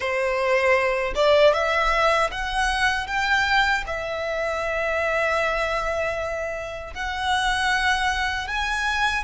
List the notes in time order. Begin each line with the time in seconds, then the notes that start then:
0.00 C5
1.15 D5
1.53 E5
2.31 F#5
3.07 G5
3.86 E5
6.94 F#5
8.47 G#5